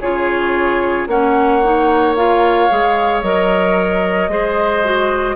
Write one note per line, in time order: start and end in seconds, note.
0.00 1.07 C#3
0.00 1.09 F4
0.00 1.08 G#4
0.00 1.07 C#5
1.07 2.68 A#3
1.07 1.62 C#4
1.07 4.31 C#5
1.07 2.15 F#5
1.63 2.16 D#4
2.15 2.70 F4
2.15 3.22 F5
2.70 3.22 G#3
2.70 3.23 G#4
3.22 4.28 F#3
3.22 4.30 A#4
3.22 5.35 D#5
4.28 5.35 G#3
4.28 4.83 G#4
4.28 5.35 C5
4.83 5.35 F#4